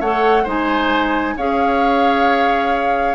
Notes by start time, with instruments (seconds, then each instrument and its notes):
0.00 bassoon A3, clarinet A4, oboe C#5, flute F#5
0.44 bassoon G#3, clarinet D#4, oboe C5, flute G#5
1.37 bassoon C#4, clarinet G#4, oboe C#5, flute F5